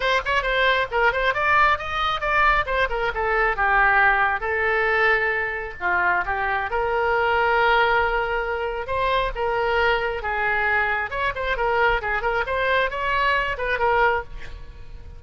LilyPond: \new Staff \with { instrumentName = "oboe" } { \time 4/4 \tempo 4 = 135 c''8 cis''8 c''4 ais'8 c''8 d''4 | dis''4 d''4 c''8 ais'8 a'4 | g'2 a'2~ | a'4 f'4 g'4 ais'4~ |
ais'1 | c''4 ais'2 gis'4~ | gis'4 cis''8 c''8 ais'4 gis'8 ais'8 | c''4 cis''4. b'8 ais'4 | }